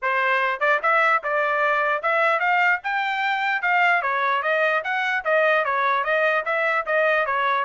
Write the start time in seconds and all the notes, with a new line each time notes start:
0.02 C5
0.59 D5
0.82 E5
1.23 D5
2.02 E5
2.39 F5
2.83 G5
3.61 F5
4.02 C#5
4.42 D#5
4.83 F#5
5.24 D#5
5.64 C#5
6.03 D#5
6.45 E5
6.86 D#5
7.26 C#5